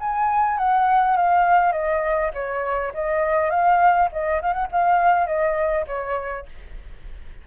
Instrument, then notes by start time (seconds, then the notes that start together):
flute
0.00 G#5
0.58 F#5
1.16 F5
1.72 D#5
2.34 C#5
2.94 D#5
3.50 F5
4.12 D#5
4.42 F5
4.53 F#5
4.72 F5
5.27 D#5
5.87 C#5